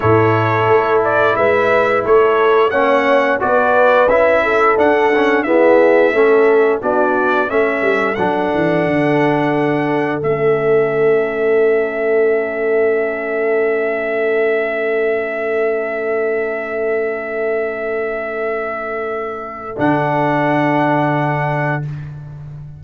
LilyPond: <<
  \new Staff \with { instrumentName = "trumpet" } { \time 4/4 \tempo 4 = 88 cis''4. d''8 e''4 cis''4 | fis''4 d''4 e''4 fis''4 | e''2 d''4 e''4 | fis''2. e''4~ |
e''1~ | e''1~ | e''1~ | e''4 fis''2. | }
  \new Staff \with { instrumentName = "horn" } { \time 4/4 a'2 b'4 a'4 | cis''4 b'4. a'4. | gis'4 a'4 fis'4 a'4~ | a'1~ |
a'1~ | a'1~ | a'1~ | a'1 | }
  \new Staff \with { instrumentName = "trombone" } { \time 4/4 e'1 | cis'4 fis'4 e'4 d'8 cis'8 | b4 cis'4 d'4 cis'4 | d'2. cis'4~ |
cis'1~ | cis'1~ | cis'1~ | cis'4 d'2. | }
  \new Staff \with { instrumentName = "tuba" } { \time 4/4 a,4 a4 gis4 a4 | ais4 b4 cis'4 d'4 | e'4 a4 b4 a8 g8 | fis8 e8 d2 a4~ |
a1~ | a1~ | a1~ | a4 d2. | }
>>